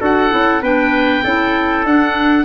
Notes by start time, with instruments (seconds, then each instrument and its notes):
0.00 tuba D4, clarinet F#4, trumpet A4, oboe F#5
0.31 tuba C#4, clarinet E4
0.62 tuba B3, clarinet D4, trumpet B4, oboe G5
1.24 tuba C#4, clarinet E4, trumpet A4
1.85 tuba D4, clarinet D4, oboe F#5